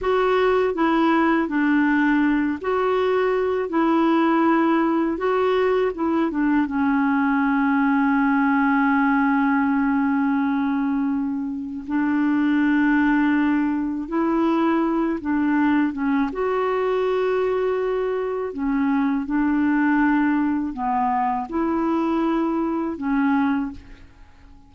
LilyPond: \new Staff \with { instrumentName = "clarinet" } { \time 4/4 \tempo 4 = 81 fis'4 e'4 d'4. fis'8~ | fis'4 e'2 fis'4 | e'8 d'8 cis'2.~ | cis'1 |
d'2. e'4~ | e'8 d'4 cis'8 fis'2~ | fis'4 cis'4 d'2 | b4 e'2 cis'4 | }